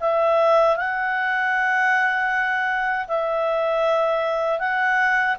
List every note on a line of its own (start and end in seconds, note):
0.00 0.76 E5
0.76 3.07 F#5
3.08 4.59 E5
4.59 5.36 F#5